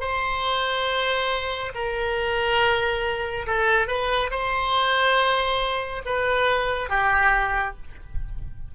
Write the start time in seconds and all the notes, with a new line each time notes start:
0.00 C5
1.75 A#4
3.46 A4
3.87 B4
4.31 C5
6.05 B4
6.89 G4